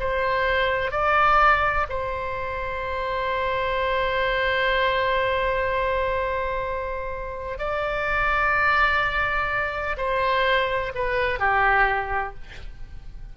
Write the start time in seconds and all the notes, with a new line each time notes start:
0.00 C5
0.91 D5
1.90 C5
7.59 D5
9.97 C5
10.95 B4
11.39 G4